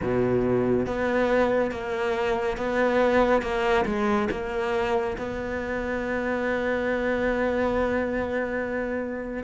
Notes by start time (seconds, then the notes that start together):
0.02 B2
0.86 B3
1.71 A#3
2.57 B3
3.42 A#3
3.85 G#3
4.31 A#3
5.17 B3